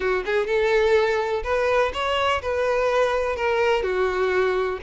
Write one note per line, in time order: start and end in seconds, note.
0.00 0.24 F#4
0.25 0.46 G#4
0.46 1.42 A4
1.43 1.91 B4
1.93 2.41 C#5
2.42 3.36 B4
3.36 3.82 A#4
3.82 4.78 F#4